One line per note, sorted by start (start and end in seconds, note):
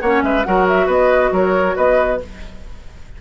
0.00 0.22 A#3
0.00 0.44 C#4
0.00 0.23 C#5
0.00 0.22 F#5
0.22 0.44 G#3
0.22 0.46 B4
0.22 0.44 E5
0.44 0.87 F#3
0.44 2.20 F#4
0.44 0.86 A#4
0.44 0.66 F#5
0.68 0.90 E5
0.86 1.30 B3
0.86 1.30 B4
0.86 1.34 D#5
1.31 1.75 F#3
1.31 1.76 A#4
1.31 1.77 C#5
1.76 2.21 B3
1.76 2.20 B4
1.76 2.21 D#5